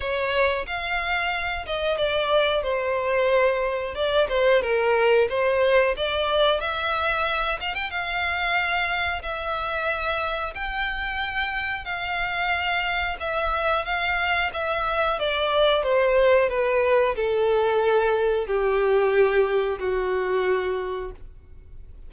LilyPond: \new Staff \with { instrumentName = "violin" } { \time 4/4 \tempo 4 = 91 cis''4 f''4. dis''8 d''4 | c''2 d''8 c''8 ais'4 | c''4 d''4 e''4. f''16 g''16 | f''2 e''2 |
g''2 f''2 | e''4 f''4 e''4 d''4 | c''4 b'4 a'2 | g'2 fis'2 | }